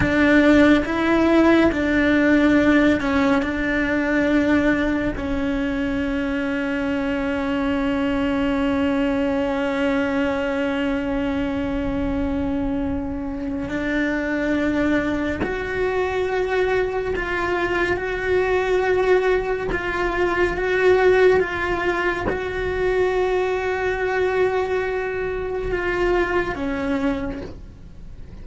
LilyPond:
\new Staff \with { instrumentName = "cello" } { \time 4/4 \tempo 4 = 70 d'4 e'4 d'4. cis'8 | d'2 cis'2~ | cis'1~ | cis'1 |
d'2 fis'2 | f'4 fis'2 f'4 | fis'4 f'4 fis'2~ | fis'2 f'4 cis'4 | }